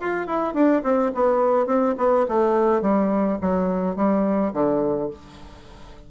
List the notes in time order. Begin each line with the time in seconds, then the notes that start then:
0.00 F4
0.27 E4
0.54 D4
0.83 C4
1.14 B3
1.66 C4
1.98 B3
2.28 A3
2.82 G3
3.41 F#3
3.96 G3
4.53 D3